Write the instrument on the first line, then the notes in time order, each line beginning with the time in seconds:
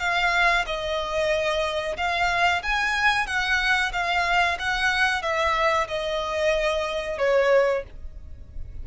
violin
0.00 F5
0.66 D#5
1.97 F5
2.63 G#5
3.27 F#5
3.93 F5
4.59 F#5
5.23 E5
5.88 D#5
7.19 C#5